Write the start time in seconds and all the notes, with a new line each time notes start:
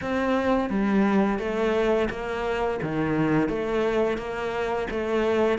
0.01 C4
0.69 G3
1.39 A3
2.10 A#3
2.82 D#3
3.49 A3
4.17 A#3
4.90 A3